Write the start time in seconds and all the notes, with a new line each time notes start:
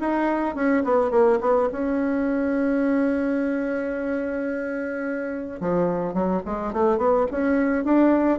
0.00 D#4
0.55 C#4
0.84 B3
1.11 A#3
1.41 B3
1.72 C#4
5.60 F3
6.14 F#3
6.45 G#3
6.73 A3
6.98 B3
7.31 C#4
7.84 D4